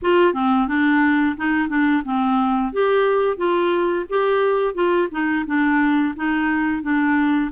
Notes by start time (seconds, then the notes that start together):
0.02 F4
0.33 C4
0.68 D4
1.36 D#4
1.68 D4
2.05 C4
2.73 G4
3.37 F4
4.09 G4
4.74 F4
5.11 D#4
5.46 D4
6.16 D#4
6.82 D4